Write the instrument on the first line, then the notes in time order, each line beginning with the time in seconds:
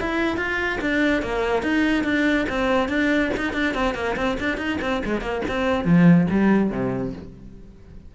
cello
0.00 E4
0.37 F4
0.81 D4
1.22 A#3
1.62 D#4
2.04 D4
2.49 C4
2.88 D4
3.37 D#4
3.53 D4
3.74 C4
3.94 A#3
4.16 C4
4.39 D4
4.57 D#4
4.81 C4
5.05 G#3
5.21 A#3
5.48 C4
5.84 F3
6.30 G3
6.70 C3